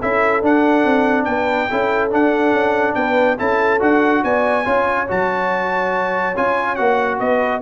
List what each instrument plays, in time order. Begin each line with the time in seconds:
0.00 tuba C#4, trombone E4, horn A4, trumpet E5
0.42 tuba D4, trombone D4, trumpet F#5
0.85 tuba C4
1.24 tuba B3, horn B4, trumpet G5
1.69 tuba C#4, trombone E4, horn A4
2.10 trombone D4, tuba D4, trumpet F#5
2.52 tuba C#4
2.94 tuba B3, horn B4, trumpet G5
3.38 tuba C#4, trombone E4, horn A4, trumpet A5
3.79 tuba D4, trombone F#4, trumpet F#5
4.24 tuba B3, horn D5, trumpet G#5
4.65 tuba C#4, trombone F4, horn C#5
5.08 tuba F#3, trombone F#4, trumpet A5
6.36 tuba C#4, trombone F4, trumpet G#5
6.75 tuba A#3, trombone F#4, trumpet F#5
7.19 tuba B3, horn B4, trumpet D#5